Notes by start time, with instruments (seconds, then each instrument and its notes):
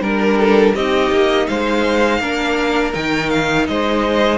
0.00 cello G3, viola D4, violin A#4
0.39 violin A4
0.73 cello C4, viola D#4, violin G4 D#5
1.11 cello A#3
1.47 cello G#3, violin C5 F5
2.20 cello A#3, viola D4, violin A#4
2.93 cello D#3, viola D#4, violin G5
3.29 violin F5
3.67 cello G#3, violin C5 D#5